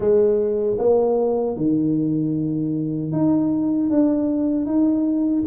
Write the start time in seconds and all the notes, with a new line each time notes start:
0.00 G#3
0.78 A#3
1.56 D#3
3.12 D#4
3.90 D4
4.65 D#4